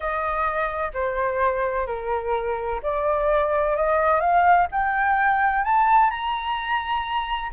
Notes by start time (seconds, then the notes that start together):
0.00 D#5
0.93 C5
1.86 A#4
2.82 D5
3.76 D#5
4.20 F5
4.71 G5
5.64 A5
6.10 A#5